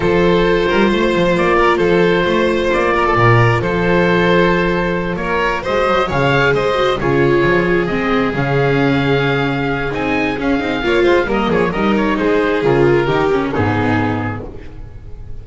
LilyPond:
<<
  \new Staff \with { instrumentName = "oboe" } { \time 4/4 \tempo 4 = 133 c''2. d''4 | c''2 d''2 | c''2.~ c''8 cis''8~ | cis''8 dis''4 f''4 dis''4 cis''8~ |
cis''4. dis''4 f''4.~ | f''2 gis''4 f''4~ | f''4 dis''8 cis''8 dis''8 cis''8 c''4 | ais'2 gis'2 | }
  \new Staff \with { instrumentName = "violin" } { \time 4/4 a'4. ais'8 c''4. ais'8 | a'4 c''4. ais'16 a'16 ais'4 | a'2.~ a'8 ais'8~ | ais'8 c''4 cis''4 c''4 gis'8~ |
gis'1~ | gis'1 | cis''8 c''8 ais'8 gis'8 ais'4 gis'4~ | gis'4 g'4 dis'2 | }
  \new Staff \with { instrumentName = "viola" } { \time 4/4 f'1~ | f'1~ | f'1~ | f'8 fis'4 gis'4. fis'8 f'8~ |
f'4. c'4 cis'4.~ | cis'2 dis'4 cis'8 dis'8 | f'4 ais4 dis'2 | f'4 dis'8 cis'8 b2 | }
  \new Staff \with { instrumentName = "double bass" } { \time 4/4 f4. g8 a8 f8 ais4 | f4 a4 ais4 ais,4 | f2.~ f8 ais8~ | ais8 gis8 fis8 cis4 gis4 cis8~ |
cis8 f4 gis4 cis4.~ | cis2 c'4 cis'8 c'8 | ais8 gis8 g8 f8 g4 gis4 | cis4 dis4 gis,2 | }
>>